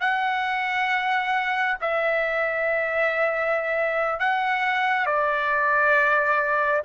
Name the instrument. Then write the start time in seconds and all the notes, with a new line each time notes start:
trumpet
0.00 F#5
1.81 E5
4.20 F#5
5.05 D5